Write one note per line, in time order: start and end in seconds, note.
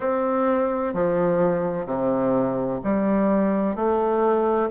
0.00 0.93 C4
0.93 1.85 F3
1.85 2.79 C3
2.83 3.75 G3
3.75 4.69 A3